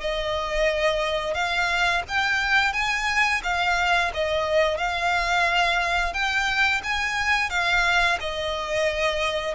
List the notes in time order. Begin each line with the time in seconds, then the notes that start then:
0.00 D#5
1.34 F5
2.08 G5
2.73 G#5
3.43 F5
4.14 D#5
4.78 F5
6.13 G5
6.83 G#5
7.50 F5
8.20 D#5